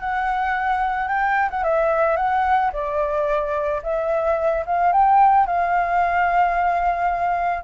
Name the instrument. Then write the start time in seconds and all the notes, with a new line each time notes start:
flute
0.00 F#5
1.08 G5
1.50 F#5
1.64 E5
2.17 F#5
2.73 D5
3.83 E5
4.66 F5
4.93 G5
5.46 F5